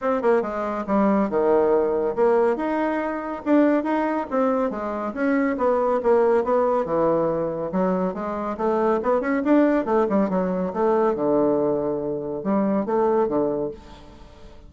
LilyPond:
\new Staff \with { instrumentName = "bassoon" } { \time 4/4 \tempo 4 = 140 c'8 ais8 gis4 g4 dis4~ | dis4 ais4 dis'2 | d'4 dis'4 c'4 gis4 | cis'4 b4 ais4 b4 |
e2 fis4 gis4 | a4 b8 cis'8 d'4 a8 g8 | fis4 a4 d2~ | d4 g4 a4 d4 | }